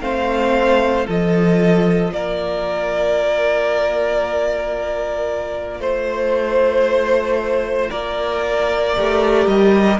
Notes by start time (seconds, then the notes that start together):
0.00 A3 C4 C5 F5
1.03 F3 F4 A4 D#5
2.12 A#3 A#4 D5
5.79 A3 C5
7.90 A#3 A#4 D5
8.96 A3 G4
9.46 G3 D#5